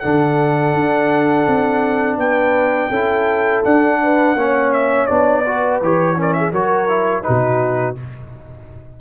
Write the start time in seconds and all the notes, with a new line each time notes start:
0.00 D3 D4 A4 F#5
0.74 D4
1.48 C4
2.17 B3 B4 G5
2.89 C#4 E4 A4
3.64 D4 F#5
4.03 B4
4.35 A#3 C#4 C#5
4.73 E5
5.07 B3 D4 D5
5.46 F#4 B4
5.82 E3 G4 C#5
6.17 C#4 A#4 D5
6.34 G#4 E5
6.52 F#3 F#4 A#4 C#5
6.89 E4
7.23 B2 D#4 F#4 B4